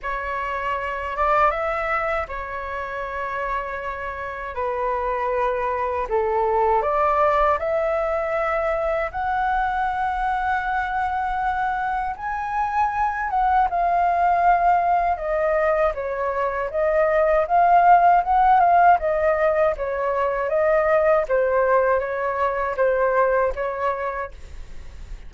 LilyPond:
\new Staff \with { instrumentName = "flute" } { \time 4/4 \tempo 4 = 79 cis''4. d''8 e''4 cis''4~ | cis''2 b'2 | a'4 d''4 e''2 | fis''1 |
gis''4. fis''8 f''2 | dis''4 cis''4 dis''4 f''4 | fis''8 f''8 dis''4 cis''4 dis''4 | c''4 cis''4 c''4 cis''4 | }